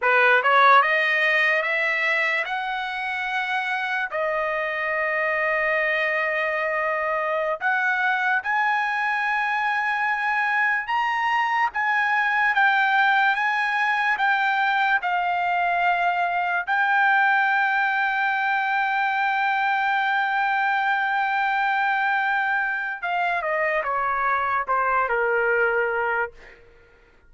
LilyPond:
\new Staff \with { instrumentName = "trumpet" } { \time 4/4 \tempo 4 = 73 b'8 cis''8 dis''4 e''4 fis''4~ | fis''4 dis''2.~ | dis''4~ dis''16 fis''4 gis''4.~ gis''16~ | gis''4~ gis''16 ais''4 gis''4 g''8.~ |
g''16 gis''4 g''4 f''4.~ f''16~ | f''16 g''2.~ g''8.~ | g''1 | f''8 dis''8 cis''4 c''8 ais'4. | }